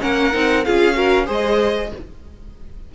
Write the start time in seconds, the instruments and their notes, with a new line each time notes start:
0.00 cello A#3, viola C#4, violin A#4 F#5
0.32 cello C4, viola D#4
0.64 cello C#4, viola F4, violin G#4 F5
0.93 viola F#4, violin A#4
1.26 cello G#3, viola G#4, violin C5 D#5